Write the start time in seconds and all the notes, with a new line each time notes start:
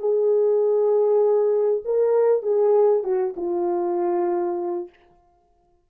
0.00 G#4
1.85 A#4
2.43 G#4
3.04 F#4
3.37 F4